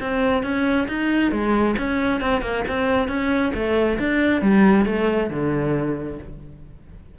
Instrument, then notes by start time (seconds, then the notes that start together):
cello
0.00 C4
0.43 C#4
0.88 D#4
1.32 G#3
1.78 C#4
2.21 C4
2.42 A#3
2.68 C4
3.08 C#4
3.54 A3
3.99 D4
4.42 G3
4.86 A3
5.30 D3